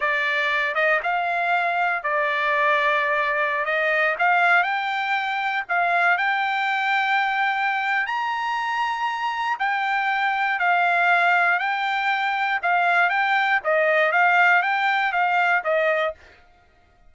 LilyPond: \new Staff \with { instrumentName = "trumpet" } { \time 4/4 \tempo 4 = 119 d''4. dis''8 f''2 | d''2.~ d''16 dis''8.~ | dis''16 f''4 g''2 f''8.~ | f''16 g''2.~ g''8. |
ais''2. g''4~ | g''4 f''2 g''4~ | g''4 f''4 g''4 dis''4 | f''4 g''4 f''4 dis''4 | }